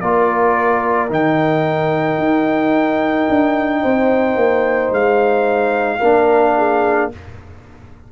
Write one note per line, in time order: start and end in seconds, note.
0.00 1.10 A#3
0.00 1.09 F4
0.00 3.82 A#4
0.00 1.09 D5
1.09 2.18 D#3
1.09 6.00 D#4
1.09 4.93 G5
2.18 3.27 D#4
3.29 3.83 D4
3.82 4.36 C4
3.82 5.98 C5
4.36 4.90 A#3
4.90 6.00 G#3
4.90 7.11 F5
5.98 7.11 A#3
5.98 7.12 D4
5.98 6.53 A#4
6.57 7.11 G#4